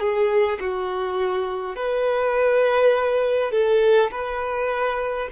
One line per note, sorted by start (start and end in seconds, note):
0.00 0.59 G#4
0.60 1.76 F#4
1.76 3.52 B4
3.52 4.11 A4
4.11 5.29 B4